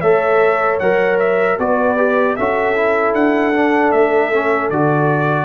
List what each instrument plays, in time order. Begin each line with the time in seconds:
0.00 tuba A3, trombone A4, horn C#5, trumpet E5
0.79 tuba F#3, trombone A#4, trumpet F#5
1.19 trumpet E5
1.58 tuba B3, trombone F#4, horn B4, trumpet D5
1.97 trombone G4
2.36 tuba C#4, trombone F#4, horn A4, trumpet E5
2.75 trombone E4
3.13 tuba D4, trumpet F#5
3.53 trombone D4
3.91 tuba A3, trumpet E5
4.33 trombone C#4
4.70 tuba D3, trombone F#4, trumpet D5